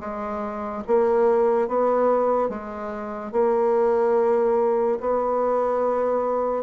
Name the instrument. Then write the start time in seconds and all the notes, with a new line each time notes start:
bassoon
0.00 G#3
0.87 A#3
1.68 B3
2.49 G#3
3.32 A#3
5.00 B3